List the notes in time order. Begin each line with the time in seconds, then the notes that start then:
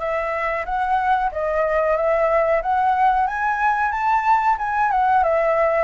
0.00 E5
0.66 F#5
1.32 D#5
1.97 E5
2.62 F#5
3.27 G#5
3.92 A5
4.59 G#5
4.92 F#5
5.24 E5